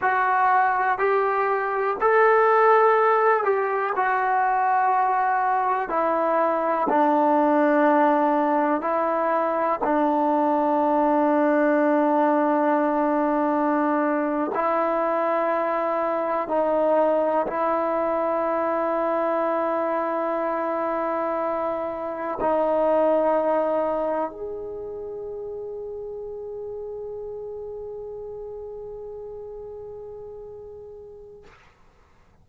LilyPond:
\new Staff \with { instrumentName = "trombone" } { \time 4/4 \tempo 4 = 61 fis'4 g'4 a'4. g'8 | fis'2 e'4 d'4~ | d'4 e'4 d'2~ | d'2~ d'8. e'4~ e'16~ |
e'8. dis'4 e'2~ e'16~ | e'2~ e'8. dis'4~ dis'16~ | dis'8. gis'2.~ gis'16~ | gis'1 | }